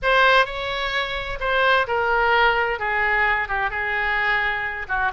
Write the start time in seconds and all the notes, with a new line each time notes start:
0.02 C5
0.45 C#5
1.40 C5
1.87 A#4
2.79 G#4
3.48 G4
3.70 G#4
4.88 F#4